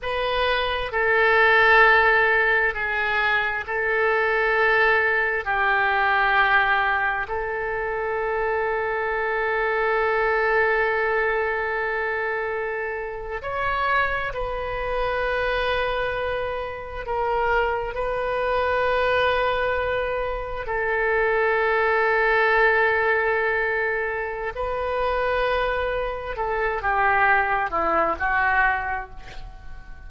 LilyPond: \new Staff \with { instrumentName = "oboe" } { \time 4/4 \tempo 4 = 66 b'4 a'2 gis'4 | a'2 g'2 | a'1~ | a'2~ a'8. cis''4 b'16~ |
b'2~ b'8. ais'4 b'16~ | b'2~ b'8. a'4~ a'16~ | a'2. b'4~ | b'4 a'8 g'4 e'8 fis'4 | }